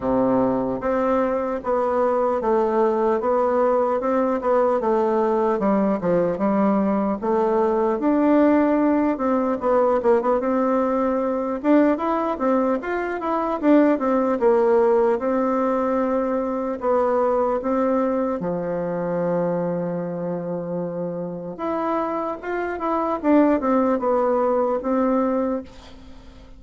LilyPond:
\new Staff \with { instrumentName = "bassoon" } { \time 4/4 \tempo 4 = 75 c4 c'4 b4 a4 | b4 c'8 b8 a4 g8 f8 | g4 a4 d'4. c'8 | b8 ais16 b16 c'4. d'8 e'8 c'8 |
f'8 e'8 d'8 c'8 ais4 c'4~ | c'4 b4 c'4 f4~ | f2. e'4 | f'8 e'8 d'8 c'8 b4 c'4 | }